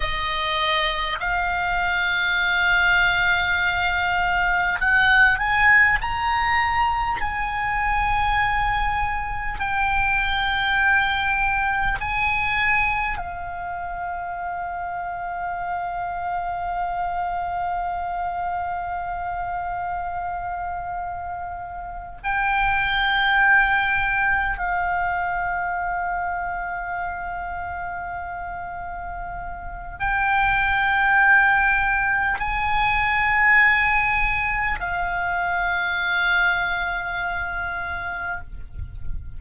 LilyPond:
\new Staff \with { instrumentName = "oboe" } { \time 4/4 \tempo 4 = 50 dis''4 f''2. | fis''8 gis''8 ais''4 gis''2 | g''2 gis''4 f''4~ | f''1~ |
f''2~ f''8 g''4.~ | g''8 f''2.~ f''8~ | f''4 g''2 gis''4~ | gis''4 f''2. | }